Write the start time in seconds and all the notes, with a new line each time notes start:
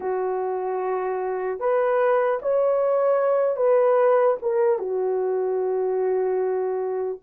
0.00 F#4
1.59 B4
2.42 C#5
3.56 B4
4.42 A#4
4.78 F#4